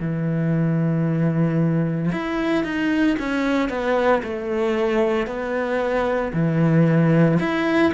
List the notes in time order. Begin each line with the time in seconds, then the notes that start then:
0.00 E3
2.12 E4
2.64 D#4
3.19 C#4
3.69 B3
4.22 A3
5.26 B3
6.33 E3
7.39 E4